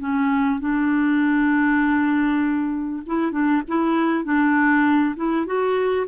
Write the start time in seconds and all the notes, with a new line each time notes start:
0.00 C#4
0.61 D4
3.07 E4
3.32 D4
3.68 E4
4.25 D4
5.16 E4
5.46 F#4